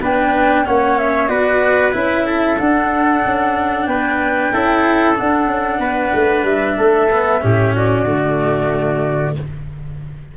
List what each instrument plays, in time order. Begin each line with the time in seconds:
0.00 tuba B3, cello D4, trumpet B4, flute G5
0.65 tuba A#3, cello C#4, trumpet C#5, flute F#5
0.98 flute E5
1.27 tuba B3, cello F#4, trumpet B4, flute D5
1.92 tuba C#4, cello E4, flute E5
2.26 trumpet A4
2.58 cello D4, tuba D4, flute F#5
3.25 tuba C#4
3.86 tuba B3, trumpet B4, flute G5
4.52 tuba C#4, cello E4, trumpet A4
5.15 cello D4, tuba D4, flute F#5
5.47 tuba C#4
5.79 tuba B3, trumpet B4
6.14 tuba A3
6.43 tuba G3, flute E5
6.78 tuba A3, trumpet A4
7.10 cello B3
7.41 tuba A2, cello C#4, trumpet G4
7.75 trumpet F#4, flute D5
8.03 tuba D3, cello A3